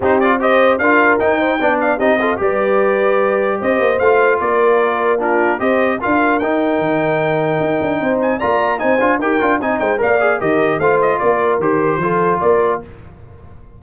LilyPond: <<
  \new Staff \with { instrumentName = "trumpet" } { \time 4/4 \tempo 4 = 150 c''8 d''8 dis''4 f''4 g''4~ | g''8 f''8 dis''4 d''2~ | d''4 dis''4 f''4 d''4~ | d''4 ais'4 dis''4 f''4 |
g''1~ | g''8 gis''8 ais''4 gis''4 g''4 | gis''8 g''8 f''4 dis''4 f''8 dis''8 | d''4 c''2 d''4 | }
  \new Staff \with { instrumentName = "horn" } { \time 4/4 g'4 c''4 ais'4. c''8 | d''4 g'8 a'8 b'2~ | b'4 c''2 ais'4~ | ais'4 f'4 c''4 ais'4~ |
ais'1 | c''4 d''4 c''4 ais'4 | dis''8 c''8 d''4 ais'4 c''4 | ais'2 a'4 ais'4 | }
  \new Staff \with { instrumentName = "trombone" } { \time 4/4 dis'8 f'8 g'4 f'4 dis'4 | d'4 dis'8 f'8 g'2~ | g'2 f'2~ | f'4 d'4 g'4 f'4 |
dis'1~ | dis'4 f'4 dis'8 f'8 g'8 f'8 | dis'4 ais'8 gis'8 g'4 f'4~ | f'4 g'4 f'2 | }
  \new Staff \with { instrumentName = "tuba" } { \time 4/4 c'2 d'4 dis'4 | b4 c'4 g2~ | g4 c'8 ais8 a4 ais4~ | ais2 c'4 d'4 |
dis'4 dis2 dis'8 d'8 | c'4 ais4 c'8 d'8 dis'8 d'8 | c'8 gis8 ais4 dis4 a4 | ais4 dis4 f4 ais4 | }
>>